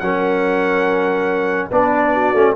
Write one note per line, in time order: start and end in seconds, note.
0.00 1.71 F#3
0.00 1.71 C#4
0.00 1.71 A#4
0.00 1.69 F#5
1.71 2.34 B3
1.71 2.35 D4
1.71 2.13 B4
1.71 2.57 D5
2.13 2.56 F#4
2.34 2.55 A3
2.34 2.56 C#4